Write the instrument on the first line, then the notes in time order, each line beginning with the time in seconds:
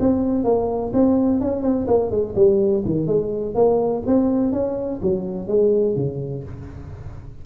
tuba
0.00 C4
0.44 A#3
0.93 C4
1.41 C#4
1.62 C4
1.87 A#3
2.11 G#3
2.35 G3
2.85 D#3
3.07 G#3
3.55 A#3
4.06 C4
4.53 C#4
5.02 F#3
5.48 G#3
5.96 C#3